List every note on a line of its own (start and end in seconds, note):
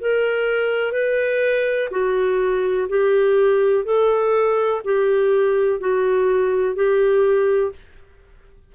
0.00 0.92 A#4
0.92 1.89 B4
1.90 2.87 F#4
2.89 3.84 G4
3.84 4.81 A4
4.84 5.80 G4
5.80 6.75 F#4
6.75 7.72 G4